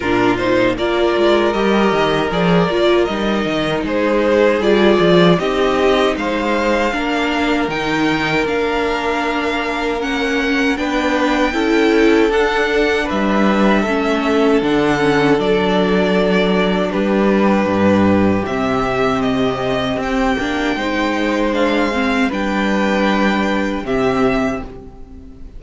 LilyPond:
<<
  \new Staff \with { instrumentName = "violin" } { \time 4/4 \tempo 4 = 78 ais'8 c''8 d''4 dis''4 d''4 | dis''4 c''4 d''4 dis''4 | f''2 g''4 f''4~ | f''4 fis''4 g''2 |
fis''4 e''2 fis''4 | d''2 b'2 | e''4 dis''4 g''2 | f''4 g''2 e''4 | }
  \new Staff \with { instrumentName = "violin" } { \time 4/4 f'4 ais'2.~ | ais'4 gis'2 g'4 | c''4 ais'2.~ | ais'2 b'4 a'4~ |
a'4 b'4 a'2~ | a'2 g'2~ | g'2. c''4~ | c''4 b'2 g'4 | }
  \new Staff \with { instrumentName = "viola" } { \time 4/4 d'8 dis'8 f'4 g'4 gis'8 f'8 | dis'2 f'4 dis'4~ | dis'4 d'4 dis'4 d'4~ | d'4 cis'4 d'4 e'4 |
d'2 cis'4 d'8 cis'8 | d'1 | c'2~ c'8 d'8 dis'4 | d'8 c'8 d'2 c'4 | }
  \new Staff \with { instrumentName = "cello" } { \time 4/4 ais,4 ais8 gis8 g8 dis8 f8 ais8 | g8 dis8 gis4 g8 f8 c'4 | gis4 ais4 dis4 ais4~ | ais2 b4 cis'4 |
d'4 g4 a4 d4 | fis2 g4 g,4 | c2 c'8 ais8 gis4~ | gis4 g2 c4 | }
>>